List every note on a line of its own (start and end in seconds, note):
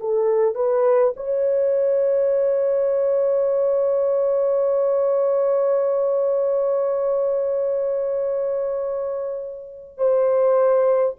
0.00 0.55 A4
0.55 1.13 B4
1.16 9.97 C#5
9.97 11.15 C5